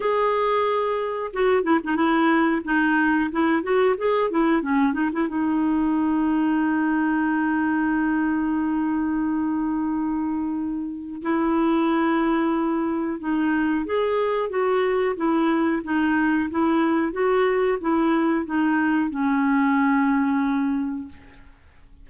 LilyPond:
\new Staff \with { instrumentName = "clarinet" } { \time 4/4 \tempo 4 = 91 gis'2 fis'8 e'16 dis'16 e'4 | dis'4 e'8 fis'8 gis'8 e'8 cis'8 dis'16 e'16 | dis'1~ | dis'1~ |
dis'4 e'2. | dis'4 gis'4 fis'4 e'4 | dis'4 e'4 fis'4 e'4 | dis'4 cis'2. | }